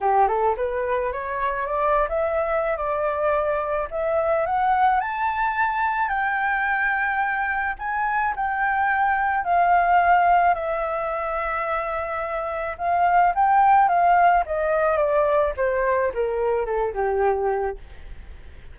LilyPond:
\new Staff \with { instrumentName = "flute" } { \time 4/4 \tempo 4 = 108 g'8 a'8 b'4 cis''4 d''8. e''16~ | e''4 d''2 e''4 | fis''4 a''2 g''4~ | g''2 gis''4 g''4~ |
g''4 f''2 e''4~ | e''2. f''4 | g''4 f''4 dis''4 d''4 | c''4 ais'4 a'8 g'4. | }